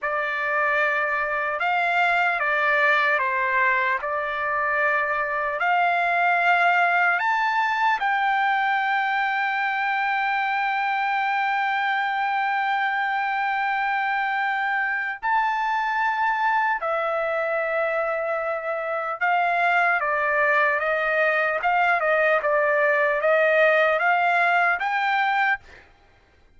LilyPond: \new Staff \with { instrumentName = "trumpet" } { \time 4/4 \tempo 4 = 75 d''2 f''4 d''4 | c''4 d''2 f''4~ | f''4 a''4 g''2~ | g''1~ |
g''2. a''4~ | a''4 e''2. | f''4 d''4 dis''4 f''8 dis''8 | d''4 dis''4 f''4 g''4 | }